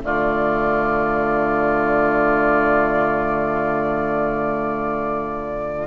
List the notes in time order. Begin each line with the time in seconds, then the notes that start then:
0.00 D3 A3 F4 D5